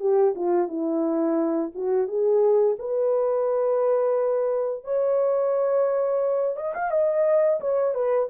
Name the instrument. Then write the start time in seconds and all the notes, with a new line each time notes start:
horn
0.00 G4
0.35 F4
0.68 E4
1.75 F#4
2.08 G#4
2.79 B4
4.84 C#5
6.57 D#5
6.75 F5
6.91 D#5
7.61 C#5
7.94 B4